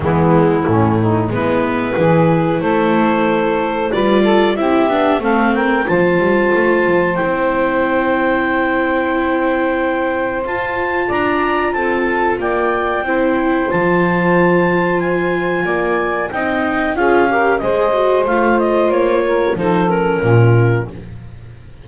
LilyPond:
<<
  \new Staff \with { instrumentName = "clarinet" } { \time 4/4 \tempo 4 = 92 e'2 b'2 | c''2 d''4 e''4 | f''8 g''8 a''2 g''4~ | g''1 |
a''4 ais''4 a''4 g''4~ | g''4 a''2 gis''4~ | gis''4 g''4 f''4 dis''4 | f''8 dis''8 cis''4 c''8 ais'4. | }
  \new Staff \with { instrumentName = "saxophone" } { \time 4/4 b4 cis'8 dis'8 e'4 gis'4 | a'2 b'8 a'8 g'4 | a'8 ais'8 c''2.~ | c''1~ |
c''4 d''4 a'4 d''4 | c''1 | d''4 dis''4 gis'8 ais'8 c''4~ | c''4. ais'8 a'4 f'4 | }
  \new Staff \with { instrumentName = "viola" } { \time 4/4 gis4 a4 b4 e'4~ | e'2 f'4 e'8 d'8 | c'4 f'2 e'4~ | e'1 |
f'1 | e'4 f'2.~ | f'4 dis'4 f'8 g'8 gis'8 fis'8 | f'2 dis'8 cis'4. | }
  \new Staff \with { instrumentName = "double bass" } { \time 4/4 e4 a,4 gis4 e4 | a2 g4 c'8 b8 | a4 f8 g8 a8 f8 c'4~ | c'1 |
f'4 d'4 c'4 ais4 | c'4 f2. | ais4 c'4 cis'4 gis4 | a4 ais4 f4 ais,4 | }
>>